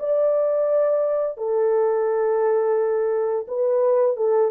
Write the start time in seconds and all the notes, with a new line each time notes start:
0.00 D5
1.38 A4
3.48 B4
4.17 A4